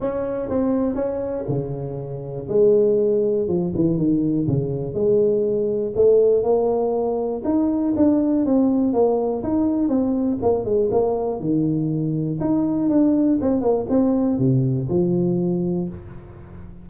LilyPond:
\new Staff \with { instrumentName = "tuba" } { \time 4/4 \tempo 4 = 121 cis'4 c'4 cis'4 cis4~ | cis4 gis2 f8 e8 | dis4 cis4 gis2 | a4 ais2 dis'4 |
d'4 c'4 ais4 dis'4 | c'4 ais8 gis8 ais4 dis4~ | dis4 dis'4 d'4 c'8 ais8 | c'4 c4 f2 | }